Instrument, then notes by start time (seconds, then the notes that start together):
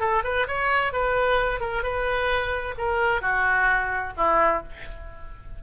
oboe
0.00 A4
0.24 B4
0.47 C#5
0.93 B4
1.60 A#4
1.83 B4
2.78 A#4
3.21 F#4
4.17 E4